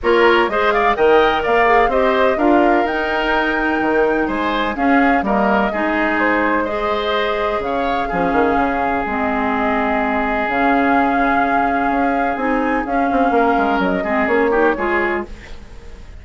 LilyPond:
<<
  \new Staff \with { instrumentName = "flute" } { \time 4/4 \tempo 4 = 126 cis''4 dis''8 f''8 g''4 f''4 | dis''4 f''4 g''2~ | g''4 gis''4 f''4 dis''4~ | dis''4 c''4 dis''2 |
f''2. dis''4~ | dis''2 f''2~ | f''2 gis''4 f''4~ | f''4 dis''4 cis''2 | }
  \new Staff \with { instrumentName = "oboe" } { \time 4/4 ais'4 c''8 d''8 dis''4 d''4 | c''4 ais'2.~ | ais'4 c''4 gis'4 ais'4 | gis'2 c''2 |
cis''4 gis'2.~ | gis'1~ | gis'1 | ais'4. gis'4 g'8 gis'4 | }
  \new Staff \with { instrumentName = "clarinet" } { \time 4/4 f'4 gis'4 ais'4. gis'8 | g'4 f'4 dis'2~ | dis'2 cis'4 ais4 | dis'2 gis'2~ |
gis'4 cis'2 c'4~ | c'2 cis'2~ | cis'2 dis'4 cis'4~ | cis'4. c'8 cis'8 dis'8 f'4 | }
  \new Staff \with { instrumentName = "bassoon" } { \time 4/4 ais4 gis4 dis4 ais4 | c'4 d'4 dis'2 | dis4 gis4 cis'4 g4 | gis1 |
cis4 f8 dis8 cis4 gis4~ | gis2 cis2~ | cis4 cis'4 c'4 cis'8 c'8 | ais8 gis8 fis8 gis8 ais4 gis4 | }
>>